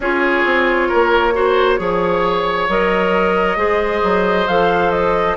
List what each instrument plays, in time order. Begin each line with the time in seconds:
0.00 bassoon C#4, clarinet F4, oboe G#4, flute C#5
0.45 bassoon C4
0.88 bassoon A#3, oboe A#4
1.33 clarinet F#4, oboe C5
1.78 bassoon F3, clarinet G#4, oboe C#5
2.68 bassoon F#3, clarinet A#4, flute D#5
3.56 bassoon G#3, clarinet G#4, oboe C5
4.03 bassoon F#3
4.47 bassoon F3, clarinet A4, flute F5
4.90 flute D#5